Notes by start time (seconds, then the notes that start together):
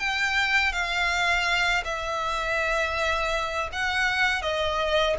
0.00 G5
0.73 F5
1.85 E5
3.73 F#5
4.42 D#5